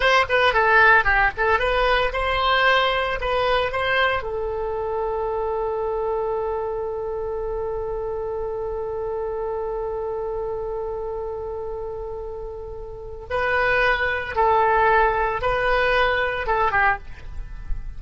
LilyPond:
\new Staff \with { instrumentName = "oboe" } { \time 4/4 \tempo 4 = 113 c''8 b'8 a'4 g'8 a'8 b'4 | c''2 b'4 c''4 | a'1~ | a'1~ |
a'1~ | a'1~ | a'4 b'2 a'4~ | a'4 b'2 a'8 g'8 | }